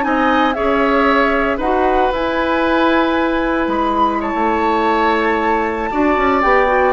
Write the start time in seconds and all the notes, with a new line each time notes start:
0.00 C4 D#4 G#5
0.06 D#5
0.53 C#4 G#4 C#5 E5
1.57 D#4 F#4 B4 F#5
2.12 E4 G#5
3.67 G#3 B5
4.20 C#5 A5
4.34 A3
5.91 D4 F#4 D5
6.17 C#4
6.42 B3 G4 G5
6.67 F#4